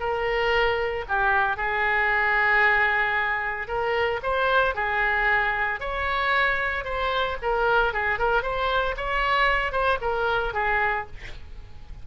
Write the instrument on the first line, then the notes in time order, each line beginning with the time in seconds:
oboe
0.00 A#4
1.09 G4
1.57 G#4
3.68 A#4
4.23 C5
4.75 G#4
5.80 C#5
6.85 C5
7.42 A#4
7.94 G#4
8.19 A#4
8.43 C5
8.97 C#5
9.72 C5
10.01 A#4
10.54 G#4